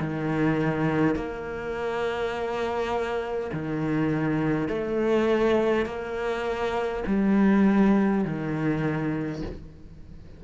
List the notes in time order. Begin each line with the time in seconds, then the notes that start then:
0.00 D#3
1.16 A#3
3.53 D#3
4.68 A3
5.86 A#3
7.07 G3
8.25 D#3